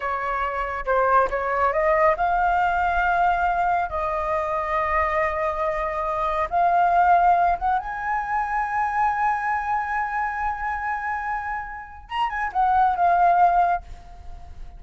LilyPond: \new Staff \with { instrumentName = "flute" } { \time 4/4 \tempo 4 = 139 cis''2 c''4 cis''4 | dis''4 f''2.~ | f''4 dis''2.~ | dis''2. f''4~ |
f''4. fis''8 gis''2~ | gis''1~ | gis''1 | ais''8 gis''8 fis''4 f''2 | }